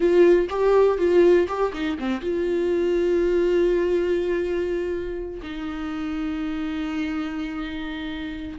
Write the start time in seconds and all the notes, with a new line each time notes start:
0.00 F4
0.49 G4
0.98 F4
1.48 G4
1.73 D#4
1.98 C4
2.21 F4
5.42 D#4